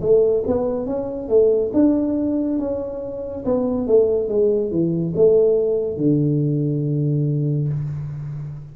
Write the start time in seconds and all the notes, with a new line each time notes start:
0.00 A3
0.46 B3
0.86 C#4
1.28 A3
1.73 D4
2.59 C#4
3.44 B3
3.86 A3
4.28 G#3
4.70 E3
5.15 A3
5.96 D3